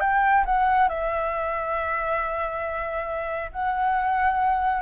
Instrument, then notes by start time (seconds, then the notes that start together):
flute
0.00 G5
0.45 F#5
0.88 E5
3.52 F#5